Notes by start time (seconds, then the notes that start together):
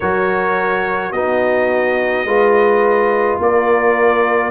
0.00 F#3 F#4 A#4 C#5
1.11 B3 D#4 F#4 D#5
2.25 G#3 F4 B4
3.38 A#3 A#4 D5